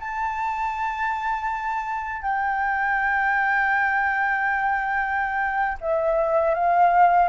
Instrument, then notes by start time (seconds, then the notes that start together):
flute
0.00 A5
2.22 G5
5.81 E5
6.55 F5